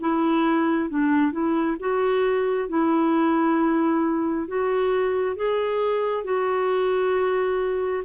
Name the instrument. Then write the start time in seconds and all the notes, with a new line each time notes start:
clarinet
0.00 E4
0.90 D4
1.32 E4
1.80 F#4
2.69 E4
4.48 F#4
5.36 G#4
6.24 F#4